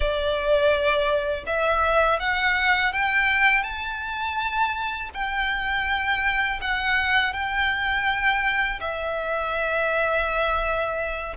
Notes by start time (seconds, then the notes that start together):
0.00 D5
1.46 E5
2.19 F#5
2.93 G5
3.63 A5
5.14 G5
6.61 F#5
7.33 G5
8.80 E5